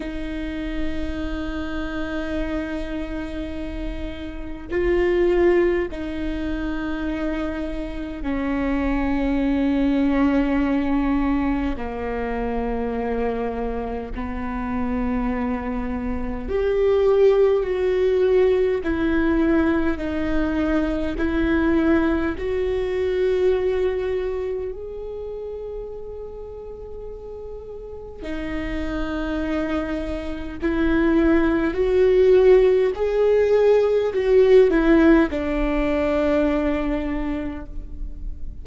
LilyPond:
\new Staff \with { instrumentName = "viola" } { \time 4/4 \tempo 4 = 51 dis'1 | f'4 dis'2 cis'4~ | cis'2 ais2 | b2 g'4 fis'4 |
e'4 dis'4 e'4 fis'4~ | fis'4 gis'2. | dis'2 e'4 fis'4 | gis'4 fis'8 e'8 d'2 | }